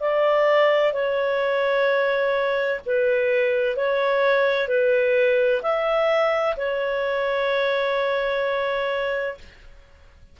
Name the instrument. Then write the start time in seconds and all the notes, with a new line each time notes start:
clarinet
0.00 D5
0.93 C#5
2.86 B4
3.76 C#5
4.68 B4
5.62 E5
6.57 C#5